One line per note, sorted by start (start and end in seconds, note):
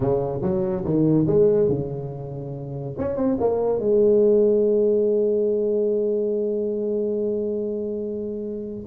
0.00 0.41 C#3
0.41 0.84 F#3
0.84 1.26 D#3
1.26 1.68 G#3
1.68 2.95 C#3
2.98 3.16 C#4
3.16 3.37 C4
3.40 3.79 A#3
3.79 8.86 G#3